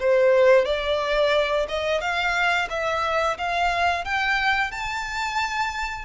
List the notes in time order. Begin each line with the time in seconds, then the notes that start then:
0.00 C5
0.66 D5
1.69 D#5
2.01 F5
2.70 E5
3.38 F5
4.05 G5
4.72 A5